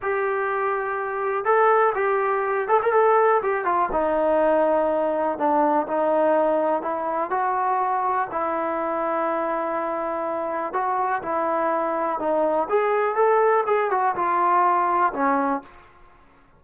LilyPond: \new Staff \with { instrumentName = "trombone" } { \time 4/4 \tempo 4 = 123 g'2. a'4 | g'4. a'16 ais'16 a'4 g'8 f'8 | dis'2. d'4 | dis'2 e'4 fis'4~ |
fis'4 e'2.~ | e'2 fis'4 e'4~ | e'4 dis'4 gis'4 a'4 | gis'8 fis'8 f'2 cis'4 | }